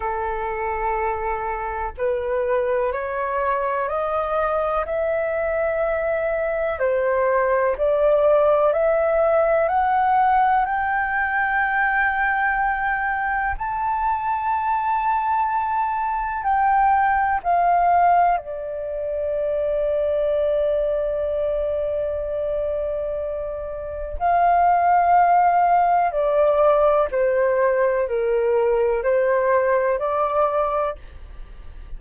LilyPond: \new Staff \with { instrumentName = "flute" } { \time 4/4 \tempo 4 = 62 a'2 b'4 cis''4 | dis''4 e''2 c''4 | d''4 e''4 fis''4 g''4~ | g''2 a''2~ |
a''4 g''4 f''4 d''4~ | d''1~ | d''4 f''2 d''4 | c''4 ais'4 c''4 d''4 | }